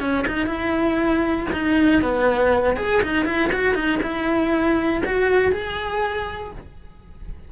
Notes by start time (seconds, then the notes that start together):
0.00 C#4
0.27 D#4
0.47 E4
1.52 D#4
2.02 B3
2.77 G#4
3.02 D#4
3.25 E4
3.53 F#4
3.74 D#4
4.03 E4
5.05 F#4
5.52 G#4